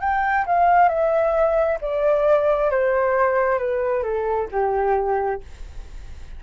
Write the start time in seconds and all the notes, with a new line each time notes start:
0.00 G5
0.46 F5
0.89 E5
1.81 D5
2.71 C5
3.58 B4
4.03 A4
4.51 G4